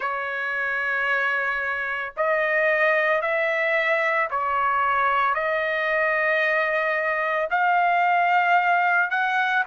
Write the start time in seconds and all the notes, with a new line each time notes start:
0.00 C#5
2.17 D#5
3.21 E5
4.30 C#5
5.34 D#5
7.50 F5
9.10 F#5